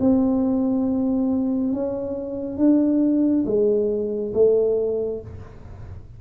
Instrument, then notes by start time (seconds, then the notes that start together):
tuba
0.00 C4
1.73 C#4
2.57 D4
3.45 G#3
4.34 A3